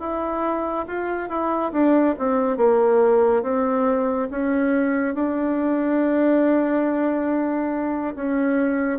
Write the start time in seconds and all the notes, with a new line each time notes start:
0.00 E4
0.88 F4
1.29 E4
1.73 D4
2.19 C4
2.58 A#3
3.43 C4
4.31 C#4
5.15 D4
8.16 C#4